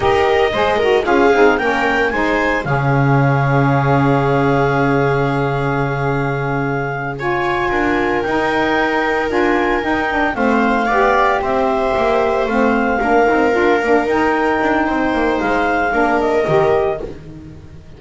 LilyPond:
<<
  \new Staff \with { instrumentName = "clarinet" } { \time 4/4 \tempo 4 = 113 dis''2 f''4 g''4 | gis''4 f''2.~ | f''1~ | f''4. gis''2 g''8~ |
g''4. gis''4 g''4 f''8~ | f''4. e''2 f''8~ | f''2~ f''8 g''4.~ | g''4 f''4. dis''4. | }
  \new Staff \with { instrumentName = "viola" } { \time 4/4 ais'4 c''8 ais'8 gis'4 ais'4 | c''4 gis'2.~ | gis'1~ | gis'4. cis''4 ais'4.~ |
ais'2.~ ais'8 c''8~ | c''8 d''4 c''2~ c''8~ | c''8 ais'2.~ ais'8 | c''2 ais'2 | }
  \new Staff \with { instrumentName = "saxophone" } { \time 4/4 g'4 gis'8 fis'8 f'8 dis'8 cis'4 | dis'4 cis'2.~ | cis'1~ | cis'4. f'2 dis'8~ |
dis'4. f'4 dis'8 d'8 c'8~ | c'8 g'2. c'8~ | c'8 d'8 dis'8 f'8 d'8 dis'4.~ | dis'2 d'4 g'4 | }
  \new Staff \with { instrumentName = "double bass" } { \time 4/4 dis'4 gis4 cis'8 c'8 ais4 | gis4 cis2.~ | cis1~ | cis2~ cis8 d'4 dis'8~ |
dis'4. d'4 dis'4 a8~ | a8 b4 c'4 ais4 a8~ | a8 ais8 c'8 d'8 ais8 dis'4 d'8 | c'8 ais8 gis4 ais4 dis4 | }
>>